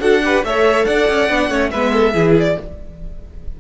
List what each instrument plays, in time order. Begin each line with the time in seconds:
0.00 cello D4, viola F#4, violin A4 F#5
0.24 viola G4, violin B4
0.43 cello A3, viola A4, violin C#5 E5
0.85 cello D4, violin D5 F#5
1.09 cello C#4
1.29 cello B3, viola D4
1.49 cello A3, viola C#4, violin C#5
1.71 cello G#3, viola B3, violin B4 E5
1.92 violin A4
2.14 cello E3, viola E4, violin G#4
2.39 violin D5